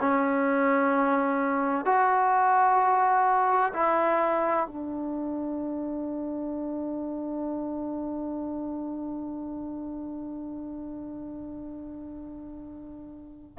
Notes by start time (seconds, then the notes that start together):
0.00 C#4
1.85 F#4
3.74 E4
4.67 D4